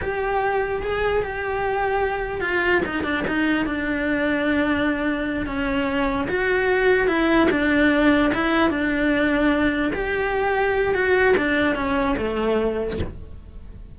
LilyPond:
\new Staff \with { instrumentName = "cello" } { \time 4/4 \tempo 4 = 148 g'2 gis'4 g'4~ | g'2 f'4 dis'8 d'8 | dis'4 d'2.~ | d'4. cis'2 fis'8~ |
fis'4. e'4 d'4.~ | d'8 e'4 d'2~ d'8~ | d'8 g'2~ g'8 fis'4 | d'4 cis'4 a2 | }